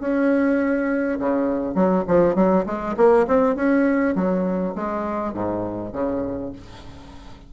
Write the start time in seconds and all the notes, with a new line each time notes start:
0.00 C#4
1.19 C#3
1.75 F#3
2.08 F3
2.35 F#3
2.66 G#3
2.97 A#3
3.28 C4
3.56 C#4
4.15 F#3
4.75 G#3
5.34 G#2
5.93 C#3